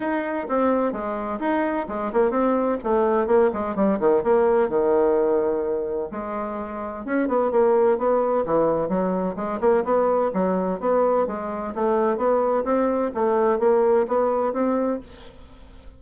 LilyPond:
\new Staff \with { instrumentName = "bassoon" } { \time 4/4 \tempo 4 = 128 dis'4 c'4 gis4 dis'4 | gis8 ais8 c'4 a4 ais8 gis8 | g8 dis8 ais4 dis2~ | dis4 gis2 cis'8 b8 |
ais4 b4 e4 fis4 | gis8 ais8 b4 fis4 b4 | gis4 a4 b4 c'4 | a4 ais4 b4 c'4 | }